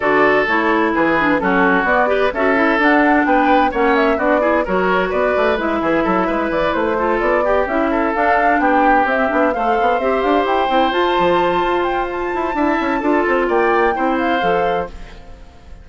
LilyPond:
<<
  \new Staff \with { instrumentName = "flute" } { \time 4/4 \tempo 4 = 129 d''4 cis''4 b'4 a'4 | d''4 e''4 fis''4 g''4 | fis''8 e''8 d''4 cis''4 d''4 | e''2 d''8 c''4 d''8~ |
d''8 e''4 f''4 g''4 e''8~ | e''8 f''4 e''8 f''8 g''4 a''8~ | a''4. g''8 a''2~ | a''4 g''4. f''4. | }
  \new Staff \with { instrumentName = "oboe" } { \time 4/4 a'2 gis'4 fis'4~ | fis'8 b'8 a'2 b'4 | cis''4 fis'8 gis'8 ais'4 b'4~ | b'8 gis'8 a'8 b'4. a'4 |
g'4 a'4. g'4.~ | g'8 c''2.~ c''8~ | c''2. e''4 | a'4 d''4 c''2 | }
  \new Staff \with { instrumentName = "clarinet" } { \time 4/4 fis'4 e'4. d'8 cis'4 | b8 g'8 fis'8 e'8 d'2 | cis'4 d'8 e'8 fis'2 | e'2. f'4 |
g'8 e'4 d'2 c'8 | d'8 a'4 g'4. e'8 f'8~ | f'2. e'4 | f'2 e'4 a'4 | }
  \new Staff \with { instrumentName = "bassoon" } { \time 4/4 d4 a4 e4 fis4 | b4 cis'4 d'4 b4 | ais4 b4 fis4 b8 a8 | gis8 e8 fis8 gis8 e8 a4 b8~ |
b8 cis'4 d'4 b4 c'8 | b8 a8 b8 c'8 d'8 e'8 c'8 f'8 | f4 f'4. e'8 d'8 cis'8 | d'8 c'8 ais4 c'4 f4 | }
>>